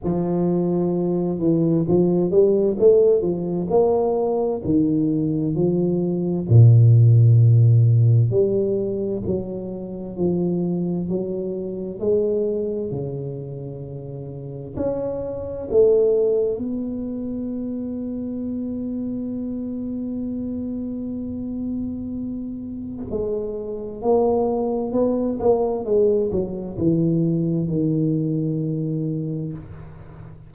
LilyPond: \new Staff \with { instrumentName = "tuba" } { \time 4/4 \tempo 4 = 65 f4. e8 f8 g8 a8 f8 | ais4 dis4 f4 ais,4~ | ais,4 g4 fis4 f4 | fis4 gis4 cis2 |
cis'4 a4 b2~ | b1~ | b4 gis4 ais4 b8 ais8 | gis8 fis8 e4 dis2 | }